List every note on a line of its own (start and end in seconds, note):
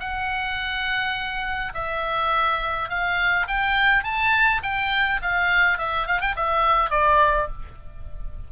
0.00 1.73 F#5
1.75 2.90 E5
2.90 3.47 F5
3.48 4.04 G5
4.04 4.62 A5
4.63 5.21 G5
5.22 5.78 F5
5.78 6.07 E5
6.07 6.21 F5
6.21 6.36 G5
6.36 6.90 E5
6.90 7.48 D5